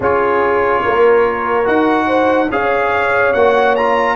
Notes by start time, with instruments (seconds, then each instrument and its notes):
0.00 tuba C#4, trombone F4, horn G#4, trumpet C#5
0.83 tuba A#3, horn A#4
1.64 tuba D#4, trombone F#4, trumpet F#5
2.07 horn C5
2.51 tuba C#4, trombone G#4, horn C#5, trumpet F5
3.33 tuba A#3, trombone F#4, trumpet F#5
3.75 trombone F4, trumpet A#5